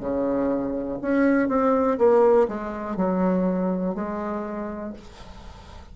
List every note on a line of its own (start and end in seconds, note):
0.00 0.98 C#3
1.01 1.48 C#4
1.48 1.98 C4
1.98 2.47 A#3
2.48 2.96 G#3
2.96 3.95 F#3
3.95 4.94 G#3